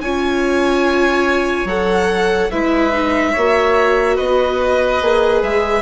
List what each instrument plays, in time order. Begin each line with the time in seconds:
0.00 bassoon C#4, viola F4, oboe C#5, violin G#5
1.64 bassoon F#3, viola A4, violin F#5
2.51 bassoon G#3, viola E4, oboe B4, violin E5
2.92 viola D#4
3.32 bassoon A#3, viola F#4, oboe C#5
4.16 bassoon B3, oboe B4, violin D#5
5.01 bassoon A#3, viola G#4
5.42 bassoon G#3, violin E5